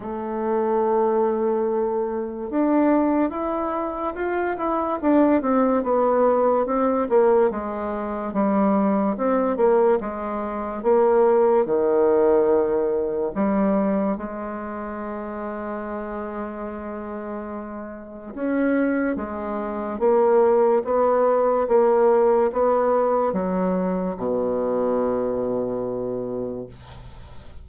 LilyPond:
\new Staff \with { instrumentName = "bassoon" } { \time 4/4 \tempo 4 = 72 a2. d'4 | e'4 f'8 e'8 d'8 c'8 b4 | c'8 ais8 gis4 g4 c'8 ais8 | gis4 ais4 dis2 |
g4 gis2.~ | gis2 cis'4 gis4 | ais4 b4 ais4 b4 | fis4 b,2. | }